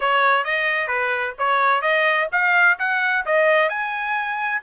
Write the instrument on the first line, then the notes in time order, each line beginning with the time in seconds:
trumpet
0.00 C#5
0.44 D#5
0.87 B4
1.38 C#5
1.81 D#5
2.32 F5
2.78 F#5
3.25 D#5
3.69 G#5